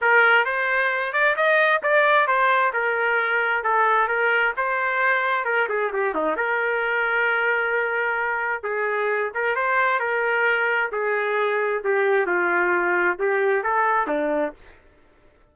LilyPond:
\new Staff \with { instrumentName = "trumpet" } { \time 4/4 \tempo 4 = 132 ais'4 c''4. d''8 dis''4 | d''4 c''4 ais'2 | a'4 ais'4 c''2 | ais'8 gis'8 g'8 dis'8 ais'2~ |
ais'2. gis'4~ | gis'8 ais'8 c''4 ais'2 | gis'2 g'4 f'4~ | f'4 g'4 a'4 d'4 | }